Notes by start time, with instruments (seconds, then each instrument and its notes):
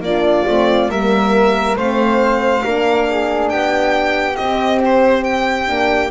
0.00 double bass A#3, horn D4, flute F4, violin D5
0.46 double bass A3, horn C4
0.88 double bass G3, horn A#3, flute A#4, violin E5
1.76 double bass A3, horn C4, flute C5, violin F5
2.61 double bass A#3, horn D4, flute A#4
3.10 flute G#4
3.49 double bass B3, flute G4, violin G5
4.36 horn C4, double bass C4, violin D#5
4.85 violin C5
5.24 violin G5
5.66 double bass A#3, horn D4